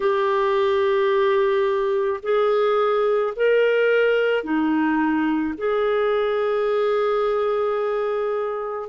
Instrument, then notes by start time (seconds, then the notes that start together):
clarinet
0.00 G4
2.22 G#4
3.36 A#4
4.43 D#4
5.57 G#4